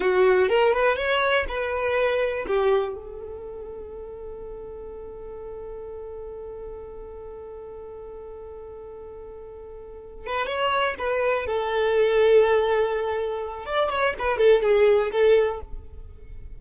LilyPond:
\new Staff \with { instrumentName = "violin" } { \time 4/4 \tempo 4 = 123 fis'4 ais'8 b'8 cis''4 b'4~ | b'4 g'4 a'2~ | a'1~ | a'1~ |
a'1~ | a'4 b'8 cis''4 b'4 a'8~ | a'1 | d''8 cis''8 b'8 a'8 gis'4 a'4 | }